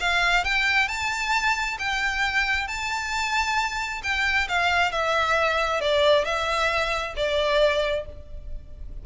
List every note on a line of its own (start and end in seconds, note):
0.00 0.44 F5
0.44 0.88 G5
0.88 1.78 A5
1.79 2.68 G5
2.68 4.02 A5
4.03 4.48 G5
4.49 4.92 F5
4.92 5.81 E5
5.81 6.25 D5
6.25 7.15 E5
7.17 8.06 D5